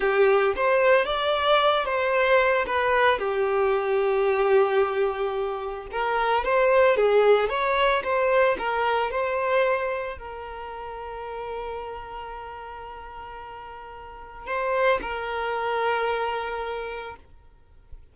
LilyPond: \new Staff \with { instrumentName = "violin" } { \time 4/4 \tempo 4 = 112 g'4 c''4 d''4. c''8~ | c''4 b'4 g'2~ | g'2. ais'4 | c''4 gis'4 cis''4 c''4 |
ais'4 c''2 ais'4~ | ais'1~ | ais'2. c''4 | ais'1 | }